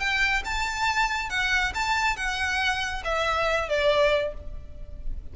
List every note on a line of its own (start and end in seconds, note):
0.00 0.43 G5
0.45 1.30 A5
1.30 1.73 F#5
1.75 2.17 A5
2.17 3.03 F#5
3.05 3.69 E5
3.69 4.34 D5